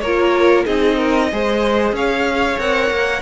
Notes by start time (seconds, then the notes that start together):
0.00 A#3 F4 A#4 C#5
0.65 C4 D#4 G#4 D#5
0.97 A#4
1.31 G#3 G#4 C5
1.92 C#4 C#5 F5
2.58 C4 A#4 F#5
2.91 A#3